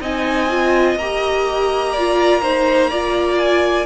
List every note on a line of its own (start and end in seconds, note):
0.00 0.95 C4
0.00 0.49 D#4
0.00 1.92 D#5
0.00 0.98 G#5
0.50 0.98 F4
0.95 3.85 A#3
0.95 1.98 G4
0.95 3.38 A#5
1.92 2.42 F4
1.92 2.41 D5
2.42 2.91 D#4
2.42 2.90 C5
2.90 3.85 F4
2.90 3.85 D5
3.38 3.85 G#5